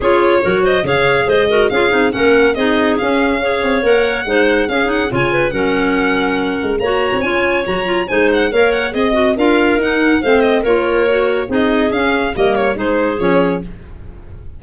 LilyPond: <<
  \new Staff \with { instrumentName = "violin" } { \time 4/4 \tempo 4 = 141 cis''4. dis''8 f''4 dis''4 | f''4 fis''4 dis''4 f''4~ | f''4 fis''2 f''8 fis''8 | gis''4 fis''2. |
ais''4 gis''4 ais''4 gis''8 fis''8 | f''8 fis''8 dis''4 f''4 fis''4 | f''8 dis''8 cis''2 dis''4 | f''4 dis''8 cis''8 c''4 cis''4 | }
  \new Staff \with { instrumentName = "clarinet" } { \time 4/4 gis'4 ais'8 c''8 cis''4 c''8 ais'8 | gis'4 ais'4 gis'2 | cis''2 c''4 gis'4 | cis''8 b'8 ais'2. |
cis''2. c''4 | cis''4 dis''4 ais'2 | c''4 ais'2 gis'4~ | gis'4 ais'4 gis'2 | }
  \new Staff \with { instrumentName = "clarinet" } { \time 4/4 f'4 fis'4 gis'4. fis'8 | f'8 dis'8 cis'4 dis'4 cis'4 | gis'4 ais'4 dis'4 cis'8 dis'8 | f'4 cis'2. |
fis'4 f'4 fis'8 f'8 dis'4 | ais'4 gis'8 fis'8 f'4 dis'4 | c'4 f'4 fis'4 dis'4 | cis'4 ais4 dis'4 cis'4 | }
  \new Staff \with { instrumentName = "tuba" } { \time 4/4 cis'4 fis4 cis4 gis4 | cis'8 c'8 ais4 c'4 cis'4~ | cis'8 c'8 ais4 gis4 cis'4 | cis4 fis2~ fis8 gis8 |
ais8. c'16 cis'4 fis4 gis4 | ais4 c'4 d'4 dis'4 | a4 ais2 c'4 | cis'4 g4 gis4 f4 | }
>>